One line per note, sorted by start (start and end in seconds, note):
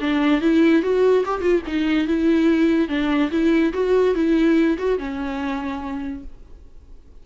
0.00 0.41 D4
0.41 0.82 E4
0.82 1.23 F#4
1.25 1.41 G4
1.41 1.62 F4
1.66 2.07 D#4
2.07 2.88 E4
2.88 3.30 D4
3.31 3.72 E4
3.73 4.14 F#4
4.15 4.77 E4
4.77 4.98 F#4
4.98 6.23 C#4